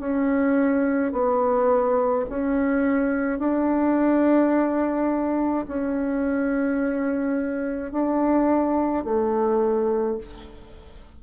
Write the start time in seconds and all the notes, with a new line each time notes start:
0.00 C#4
1.12 B3
2.29 C#4
3.39 D4
5.68 C#4
7.91 D4
9.04 A3